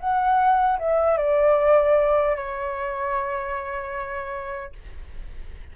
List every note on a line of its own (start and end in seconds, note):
0.00 0.79 F#5
0.79 1.18 E5
1.18 2.36 D5
2.36 4.73 C#5